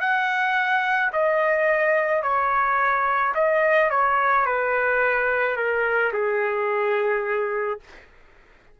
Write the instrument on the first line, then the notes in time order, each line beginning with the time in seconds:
trumpet
0.00 F#5
1.12 D#5
2.23 C#5
3.34 D#5
3.90 C#5
4.45 B4
5.57 A#4
6.13 G#4